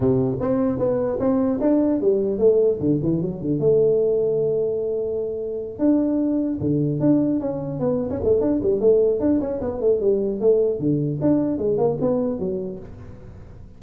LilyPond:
\new Staff \with { instrumentName = "tuba" } { \time 4/4 \tempo 4 = 150 c4 c'4 b4 c'4 | d'4 g4 a4 d8 e8 | fis8 d8 a2.~ | a2~ a8 d'4.~ |
d'8 d4 d'4 cis'4 b8~ | b16 cis'16 a8 d'8 g8 a4 d'8 cis'8 | b8 a8 g4 a4 d4 | d'4 gis8 ais8 b4 fis4 | }